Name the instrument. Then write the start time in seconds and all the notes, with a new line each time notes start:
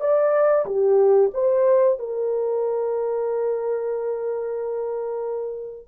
horn
0.00 D5
0.66 G4
1.34 C5
1.99 A#4